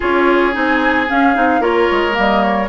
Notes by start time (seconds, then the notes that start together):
0.00 C#4 F4 G#4 C#5
0.52 C4 D#4 G#5
1.07 C#4 F5
1.34 C4 D#4
1.60 A#3 F4 A#4 C#5
1.91 G#3
2.12 G3 A#3
2.18 D#5
2.42 C#5